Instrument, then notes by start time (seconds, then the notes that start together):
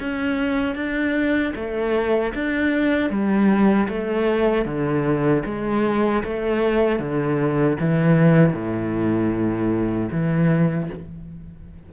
cello
0.00 C#4
0.75 D4
1.55 A3
2.34 D4
3.10 G3
3.88 A3
4.65 D3
5.45 G#3
6.23 A3
6.99 D3
7.80 E3
8.53 A2
10.12 E3